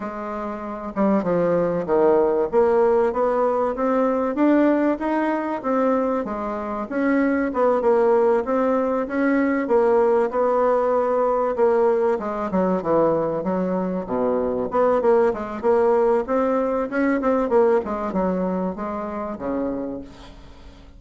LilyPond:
\new Staff \with { instrumentName = "bassoon" } { \time 4/4 \tempo 4 = 96 gis4. g8 f4 dis4 | ais4 b4 c'4 d'4 | dis'4 c'4 gis4 cis'4 | b8 ais4 c'4 cis'4 ais8~ |
ais8 b2 ais4 gis8 | fis8 e4 fis4 b,4 b8 | ais8 gis8 ais4 c'4 cis'8 c'8 | ais8 gis8 fis4 gis4 cis4 | }